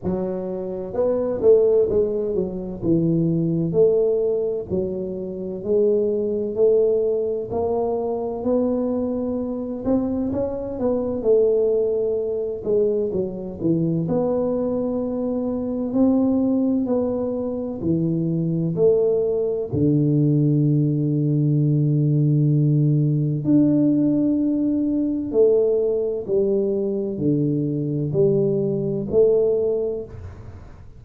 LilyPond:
\new Staff \with { instrumentName = "tuba" } { \time 4/4 \tempo 4 = 64 fis4 b8 a8 gis8 fis8 e4 | a4 fis4 gis4 a4 | ais4 b4. c'8 cis'8 b8 | a4. gis8 fis8 e8 b4~ |
b4 c'4 b4 e4 | a4 d2.~ | d4 d'2 a4 | g4 d4 g4 a4 | }